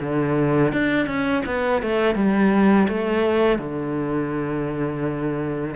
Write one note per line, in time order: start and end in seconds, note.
0.00 0.72 D3
0.72 1.06 D4
1.06 1.43 C#4
1.46 1.82 B3
1.82 2.15 A3
2.15 2.87 G3
2.88 3.58 A3
3.58 5.75 D3